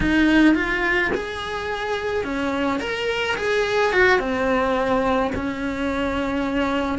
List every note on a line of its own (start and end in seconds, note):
0.00 0.55 D#4
0.55 1.11 F4
1.14 2.24 G#4
2.24 2.79 C#4
2.79 3.35 A#4
3.36 3.92 G#4
3.92 4.19 F#4
4.19 5.31 C4
5.35 6.98 C#4